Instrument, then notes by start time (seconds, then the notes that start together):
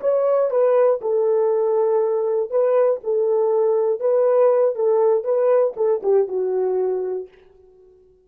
horn
0.00 C#5
0.50 B4
1.01 A4
2.50 B4
3.03 A4
4.00 B4
4.75 A4
5.24 B4
5.76 A4
6.03 G4
6.28 F#4